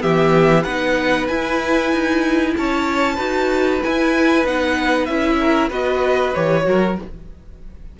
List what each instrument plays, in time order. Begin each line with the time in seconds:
0.00 cello E3, viola B3, violin G4 E5
0.63 cello B3, viola D#4, violin B4 F#5
1.28 cello E4, viola E4, violin G#5
1.92 cello D#4
2.57 cello C#4, violin C#5 A5
3.15 cello D#4, viola F#4, violin B4
3.81 viola E4, cello E4, violin G#5
4.45 cello B3, viola D#4, violin F#5
5.06 cello C#4, viola E4, violin E5
5.40 violin A#4
5.69 cello B3, viola F#4, violin B4 D#5
6.34 cello E3, viola G4, violin C#5
6.63 cello F#3, viola F#4, violin A#4